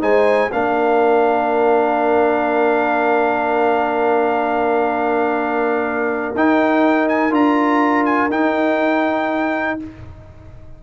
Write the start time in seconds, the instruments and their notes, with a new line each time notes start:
0.00 tuba G#3, trombone D#4, horn C5, trumpet G#5
0.52 tuba A#3, trombone D4, horn A#4, trumpet F5
6.34 tuba D#4, trombone D#4, trumpet G5
7.08 trumpet G#5
7.30 tuba D4, trombone F4, trumpet A#5
8.05 trumpet G#5
8.30 tuba D#4, trombone D#4, trumpet G5